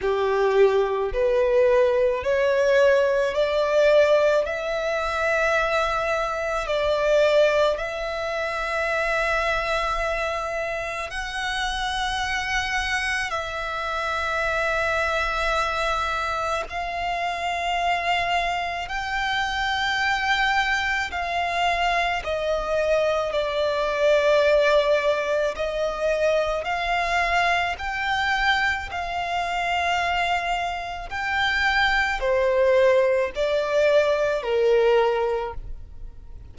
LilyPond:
\new Staff \with { instrumentName = "violin" } { \time 4/4 \tempo 4 = 54 g'4 b'4 cis''4 d''4 | e''2 d''4 e''4~ | e''2 fis''2 | e''2. f''4~ |
f''4 g''2 f''4 | dis''4 d''2 dis''4 | f''4 g''4 f''2 | g''4 c''4 d''4 ais'4 | }